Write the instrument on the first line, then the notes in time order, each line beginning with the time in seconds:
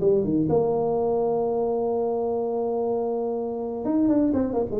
tuba
0.00 G3
0.24 D#3
0.49 A#3
3.84 D#4
4.08 D4
4.33 C4
4.53 A#3
4.71 G#3